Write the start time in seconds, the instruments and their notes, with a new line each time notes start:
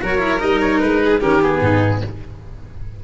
0.00 tuba F#3, cello F#4, violin A#4, oboe C#5
0.18 cello E4
0.39 tuba G3, cello D#4, oboe D#5
0.60 oboe C#5
0.79 tuba G#3, oboe B4
1.04 violin G#4
1.20 tuba D#3, cello C#4, violin G4, oboe A#4
1.41 cello B3, oboe G#4
1.60 tuba G#2, violin D#4